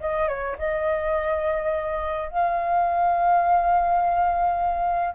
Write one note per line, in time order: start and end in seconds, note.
0.00 0.28 D#5
0.28 0.56 C#5
0.58 2.29 D#5
2.29 5.14 F5